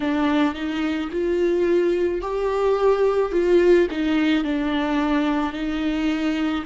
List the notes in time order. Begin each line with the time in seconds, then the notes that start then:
0.00 D4
0.54 D#4
1.11 F4
2.21 G4
3.32 F4
3.90 D#4
4.43 D4
5.53 D#4